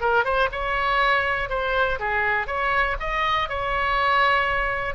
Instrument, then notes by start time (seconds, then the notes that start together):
oboe
0.00 A#4
0.24 C5
0.51 C#5
1.49 C5
1.99 G#4
2.47 C#5
2.99 D#5
3.49 C#5